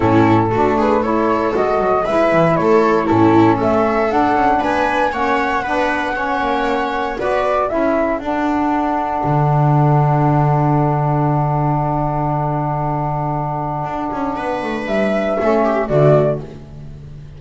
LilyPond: <<
  \new Staff \with { instrumentName = "flute" } { \time 4/4 \tempo 4 = 117 a'4. b'8 cis''4 dis''4 | e''4 cis''4 a'4 e''4 | fis''4 gis''4 fis''2~ | fis''2 d''4 e''4 |
fis''1~ | fis''1~ | fis''1~ | fis''4 e''2 d''4 | }
  \new Staff \with { instrumentName = "viola" } { \time 4/4 e'4 fis'8 gis'8 a'2 | b'4 a'4 e'4 a'4~ | a'4 b'4 cis''4 b'4 | cis''2 b'4 a'4~ |
a'1~ | a'1~ | a'1 | b'2 a'8 g'8 fis'4 | }
  \new Staff \with { instrumentName = "saxophone" } { \time 4/4 cis'4 d'4 e'4 fis'4 | e'2 cis'2 | d'2 cis'4 d'4 | cis'2 fis'4 e'4 |
d'1~ | d'1~ | d'1~ | d'2 cis'4 a4 | }
  \new Staff \with { instrumentName = "double bass" } { \time 4/4 a,4 a2 gis8 fis8 | gis8 e8 a4 a,4 a4 | d'8 cis'8 b4 ais4 b4~ | b8 ais4. b4 cis'4 |
d'2 d2~ | d1~ | d2. d'8 cis'8 | b8 a8 g4 a4 d4 | }
>>